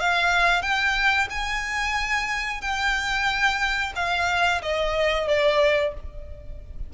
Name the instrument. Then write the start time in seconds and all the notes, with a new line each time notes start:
violin
0.00 F5
0.62 G5
1.30 G#5
2.61 G5
3.96 F5
4.62 D#5
5.28 D5